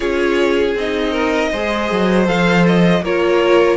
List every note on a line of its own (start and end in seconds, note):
0.00 0.74 C#4
0.00 0.76 F4
0.00 1.11 G#4
0.00 0.74 C#5
0.74 1.50 C4
0.74 1.53 D#4
0.74 2.27 D#5
1.11 1.49 A#4
1.51 1.91 G#3
1.51 2.26 G#4
1.51 3.03 C5
1.91 2.27 F#3
2.26 3.02 F3
2.26 3.02 A4
2.26 2.65 F5
2.66 3.04 D#5
3.02 3.77 A#3
3.02 3.77 F4
3.02 3.77 A#4
3.02 3.77 C#5